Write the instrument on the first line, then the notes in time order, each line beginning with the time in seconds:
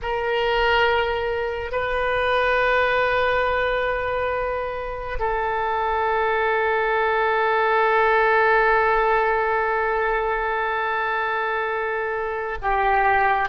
oboe
0.02 A#4
1.71 B4
5.19 A4
12.62 G4